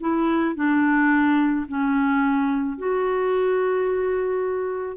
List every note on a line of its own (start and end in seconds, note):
0.00 0.55 E4
0.55 1.66 D4
1.68 2.77 C#4
2.77 4.97 F#4